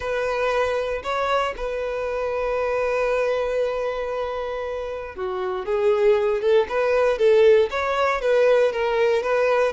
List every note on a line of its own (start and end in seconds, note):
0.00 1.02 B4
1.03 1.54 C#5
1.56 5.15 B4
5.15 5.65 F#4
5.65 6.41 G#4
6.41 6.67 A4
6.69 7.18 B4
7.18 7.69 A4
7.70 8.21 C#5
8.21 8.72 B4
8.72 9.23 A#4
9.23 9.72 B4